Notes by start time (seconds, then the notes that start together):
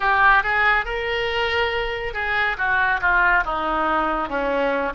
0.00 G4
0.43 G#4
0.85 A#4
2.14 G#4
2.57 F#4
3.01 F4
3.44 D#4
4.29 C#4